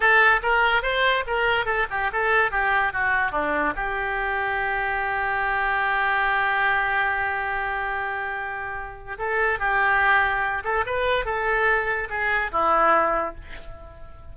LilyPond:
\new Staff \with { instrumentName = "oboe" } { \time 4/4 \tempo 4 = 144 a'4 ais'4 c''4 ais'4 | a'8 g'8 a'4 g'4 fis'4 | d'4 g'2.~ | g'1~ |
g'1~ | g'2 a'4 g'4~ | g'4. a'8 b'4 a'4~ | a'4 gis'4 e'2 | }